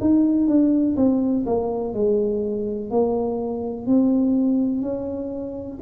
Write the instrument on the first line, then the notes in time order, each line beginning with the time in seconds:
tuba
0.00 D#4
0.47 D4
0.96 C4
1.46 A#3
1.93 G#3
2.90 A#3
3.86 C4
4.82 C#4